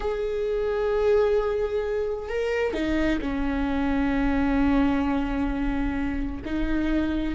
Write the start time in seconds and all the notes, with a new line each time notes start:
0.00 G#4
2.29 A#4
2.73 D#4
3.21 C#4
6.45 D#4